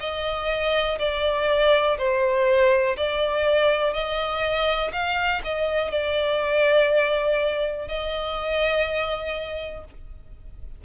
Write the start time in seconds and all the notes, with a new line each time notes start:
0.00 D#5
0.99 D5
1.98 C5
2.97 D5
3.93 D#5
4.92 F5
5.44 D#5
5.91 D5
7.88 D#5